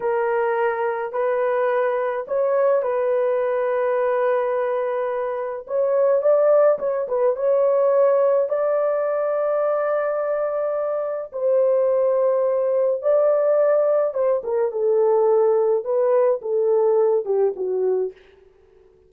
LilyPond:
\new Staff \with { instrumentName = "horn" } { \time 4/4 \tempo 4 = 106 ais'2 b'2 | cis''4 b'2.~ | b'2 cis''4 d''4 | cis''8 b'8 cis''2 d''4~ |
d''1 | c''2. d''4~ | d''4 c''8 ais'8 a'2 | b'4 a'4. g'8 fis'4 | }